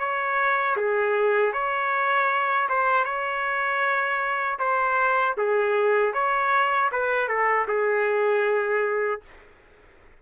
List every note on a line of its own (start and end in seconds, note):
0.00 0.77 C#5
0.77 1.53 G#4
1.53 2.69 C#5
2.70 3.05 C5
3.05 4.59 C#5
4.59 5.36 C5
5.38 6.14 G#4
6.14 6.91 C#5
6.92 7.29 B4
7.29 7.67 A4
7.68 9.22 G#4